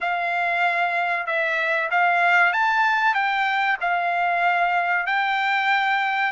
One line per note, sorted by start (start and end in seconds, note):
0.01 1.26 F5
1.26 1.89 E5
1.90 2.52 F5
2.52 3.14 A5
3.14 3.77 G5
3.80 5.06 F5
5.06 6.32 G5